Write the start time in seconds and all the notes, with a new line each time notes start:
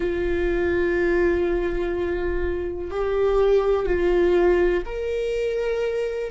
0.00 F4
2.90 G4
3.86 F4
4.85 A#4